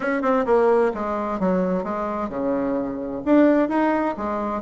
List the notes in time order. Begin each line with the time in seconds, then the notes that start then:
0.00 C#4
0.22 C4
0.45 A#3
0.94 G#3
1.39 F#3
1.83 G#3
2.29 C#3
3.25 D4
3.69 D#4
4.17 G#3